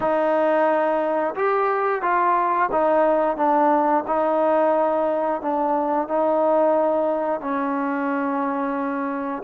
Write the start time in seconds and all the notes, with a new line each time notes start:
0.00 D#4
1.35 G4
2.01 F4
2.71 D#4
3.36 D4
4.07 D#4
5.41 D4
6.07 D#4
7.40 C#4